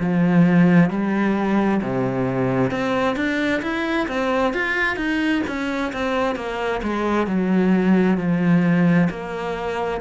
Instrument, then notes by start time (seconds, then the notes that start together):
cello
0.00 F3
0.90 G3
1.82 C3
2.71 C4
3.17 D4
3.63 E4
4.09 C4
4.54 F4
4.97 D#4
5.48 C#4
5.93 C4
6.36 A#3
6.83 G#3
7.27 F#3
8.18 F3
9.10 A#3